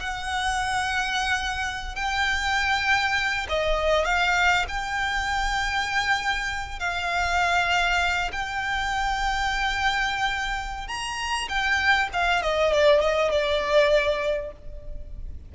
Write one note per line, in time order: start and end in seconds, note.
0.00 1.95 F#5
1.95 3.47 G5
3.49 4.05 D#5
4.05 4.66 F5
4.68 6.80 G5
6.80 8.31 F5
8.33 10.88 G5
10.88 11.48 A#5
11.48 12.09 G5
12.13 12.42 F5
12.42 12.73 D#5
12.73 13.01 D5
13.01 13.31 D#5
13.31 14.52 D5